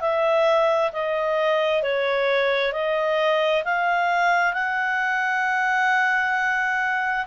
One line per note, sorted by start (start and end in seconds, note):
0.00 0.91 E5
0.92 1.82 D#5
1.82 2.72 C#5
2.72 3.63 D#5
3.64 4.53 F5
4.53 7.26 F#5